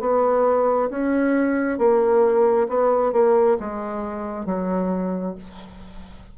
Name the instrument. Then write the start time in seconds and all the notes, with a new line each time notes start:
bassoon
0.00 B3
0.90 C#4
1.78 A#3
2.69 B3
3.13 A#3
3.60 G#3
4.46 F#3